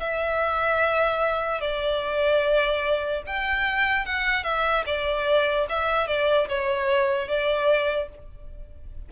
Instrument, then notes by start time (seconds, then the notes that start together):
violin
0.00 E5
1.61 D5
3.26 G5
4.05 F#5
4.43 E5
4.86 D5
5.69 E5
6.07 D5
6.48 C#5
7.28 D5